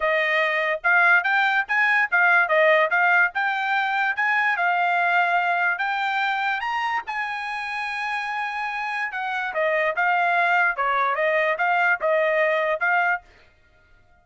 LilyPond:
\new Staff \with { instrumentName = "trumpet" } { \time 4/4 \tempo 4 = 145 dis''2 f''4 g''4 | gis''4 f''4 dis''4 f''4 | g''2 gis''4 f''4~ | f''2 g''2 |
ais''4 gis''2.~ | gis''2 fis''4 dis''4 | f''2 cis''4 dis''4 | f''4 dis''2 f''4 | }